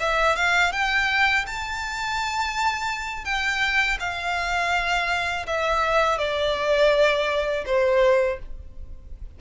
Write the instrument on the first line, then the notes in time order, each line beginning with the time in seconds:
violin
0.00 E5
0.36 F5
0.73 G5
1.47 A5
3.25 G5
4.00 F5
5.47 E5
6.18 D5
7.66 C5